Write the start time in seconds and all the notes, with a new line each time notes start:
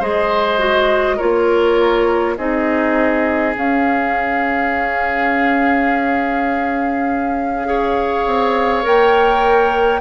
0.00 G#3 G#4 C5 D#5
0.59 F#4
1.17 A#3 F4 A#4 C#5
2.37 C4 D#4 G#4 D#5
3.55 C#4 F5
7.66 G#4 C#5
8.26 C4
8.83 A#3 A#4 G5